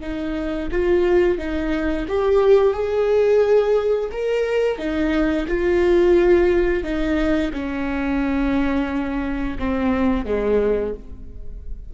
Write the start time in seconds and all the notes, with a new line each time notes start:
0.00 D#4
0.71 F4
1.38 D#4
2.08 G4
2.73 G#4
4.12 A#4
4.78 D#4
5.47 F4
6.83 D#4
7.53 C#4
9.58 C4
10.25 G#3